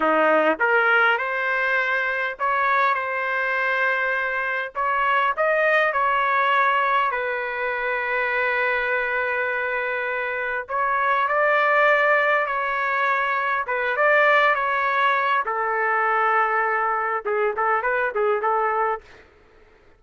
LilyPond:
\new Staff \with { instrumentName = "trumpet" } { \time 4/4 \tempo 4 = 101 dis'4 ais'4 c''2 | cis''4 c''2. | cis''4 dis''4 cis''2 | b'1~ |
b'2 cis''4 d''4~ | d''4 cis''2 b'8 d''8~ | d''8 cis''4. a'2~ | a'4 gis'8 a'8 b'8 gis'8 a'4 | }